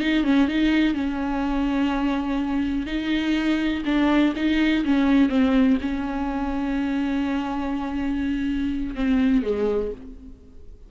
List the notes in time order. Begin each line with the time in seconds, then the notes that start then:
0.00 D#4
0.24 C#4
0.48 D#4
0.94 C#4
2.86 D#4
3.85 D4
4.35 D#4
4.84 C#4
5.29 C4
5.81 C#4
8.95 C4
9.42 G#3